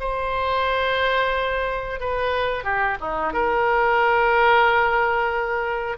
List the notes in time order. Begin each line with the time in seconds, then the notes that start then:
0.00 C5
2.00 B4
2.64 G4
3.01 D#4
3.33 A#4